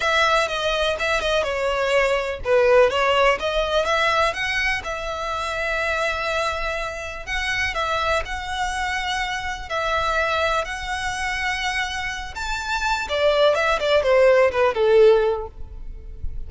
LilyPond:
\new Staff \with { instrumentName = "violin" } { \time 4/4 \tempo 4 = 124 e''4 dis''4 e''8 dis''8 cis''4~ | cis''4 b'4 cis''4 dis''4 | e''4 fis''4 e''2~ | e''2. fis''4 |
e''4 fis''2. | e''2 fis''2~ | fis''4. a''4. d''4 | e''8 d''8 c''4 b'8 a'4. | }